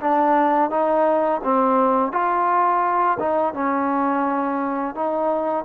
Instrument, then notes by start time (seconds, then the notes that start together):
trombone
0.00 D4
0.70 D#4
1.43 C4
2.12 F4
3.19 D#4
3.54 C#4
4.95 D#4